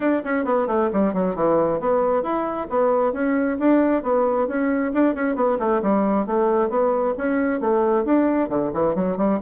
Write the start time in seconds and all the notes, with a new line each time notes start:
0.00 D4
0.24 C#4
0.44 B3
0.67 A3
0.92 G3
1.13 F#3
1.35 E3
1.80 B3
2.22 E4
2.69 B3
3.12 C#4
3.59 D4
4.02 B3
4.47 C#4
4.93 D4
5.14 C#4
5.35 B3
5.59 A3
5.82 G3
6.26 A3
6.69 B3
7.17 C#4
7.60 A3
8.04 D4
8.49 D3
8.73 E3
8.95 F#3
9.17 G3